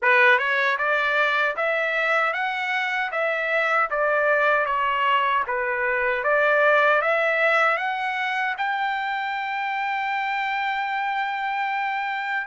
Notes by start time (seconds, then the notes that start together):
0.02 B4
0.38 C#5
0.78 D5
1.56 E5
2.33 F#5
3.11 E5
3.90 D5
4.65 C#5
5.47 B4
6.23 D5
7.01 E5
7.77 F#5
8.57 G5